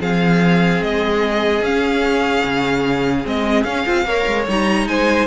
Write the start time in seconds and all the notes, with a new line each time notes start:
0.00 F3 C4 G#4 F5
0.81 G#3 D#5
1.61 C#4 F5
2.44 C#3
3.24 G#3 C4 D#5
3.64 C#4 F5
3.85 C4 F4
4.05 A#3 A#4 C#5
4.27 G#3
4.48 G3 D#4 A#5
4.88 G#3 C5 G#5